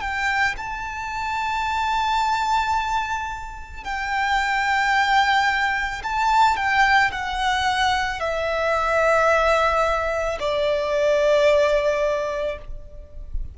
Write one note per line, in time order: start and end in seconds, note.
0.00 0.55 G5
0.57 3.84 A5
3.84 6.02 G5
6.03 6.56 A5
6.56 7.11 G5
7.12 8.20 F#5
8.20 10.38 E5
10.39 12.58 D5